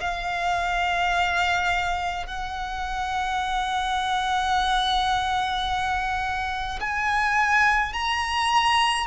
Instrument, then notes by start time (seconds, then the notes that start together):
violin
0.00 F5
2.26 F#5
6.80 G#5
7.93 A#5